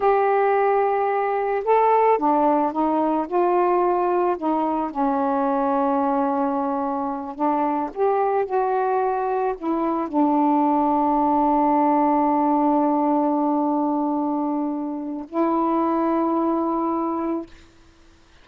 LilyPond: \new Staff \with { instrumentName = "saxophone" } { \time 4/4 \tempo 4 = 110 g'2. a'4 | d'4 dis'4 f'2 | dis'4 cis'2.~ | cis'4. d'4 g'4 fis'8~ |
fis'4. e'4 d'4.~ | d'1~ | d'1 | e'1 | }